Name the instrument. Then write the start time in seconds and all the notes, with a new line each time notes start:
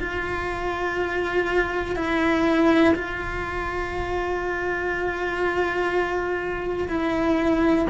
cello
0.00 F4
1.96 E4
2.95 F4
6.89 E4